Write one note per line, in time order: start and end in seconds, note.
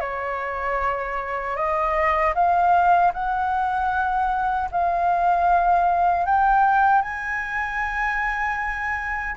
0.00 1.56 C#5
1.56 2.34 D#5
2.34 3.12 F5
3.13 4.69 F#5
4.71 6.26 F5
6.26 7.02 G5
7.02 9.36 G#5